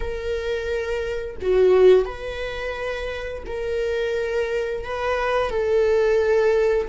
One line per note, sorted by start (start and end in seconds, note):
0.00 1.36 A#4
1.41 2.05 F#4
2.05 3.43 B4
3.46 4.84 A#4
4.84 5.50 B4
5.50 6.88 A4